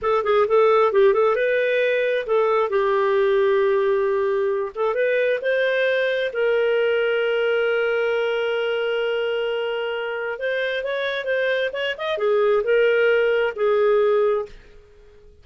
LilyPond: \new Staff \with { instrumentName = "clarinet" } { \time 4/4 \tempo 4 = 133 a'8 gis'8 a'4 g'8 a'8 b'4~ | b'4 a'4 g'2~ | g'2~ g'8 a'8 b'4 | c''2 ais'2~ |
ais'1~ | ais'2. c''4 | cis''4 c''4 cis''8 dis''8 gis'4 | ais'2 gis'2 | }